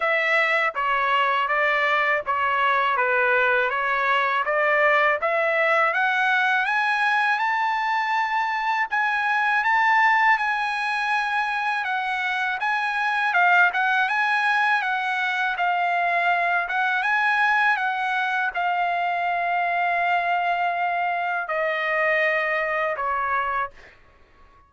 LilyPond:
\new Staff \with { instrumentName = "trumpet" } { \time 4/4 \tempo 4 = 81 e''4 cis''4 d''4 cis''4 | b'4 cis''4 d''4 e''4 | fis''4 gis''4 a''2 | gis''4 a''4 gis''2 |
fis''4 gis''4 f''8 fis''8 gis''4 | fis''4 f''4. fis''8 gis''4 | fis''4 f''2.~ | f''4 dis''2 cis''4 | }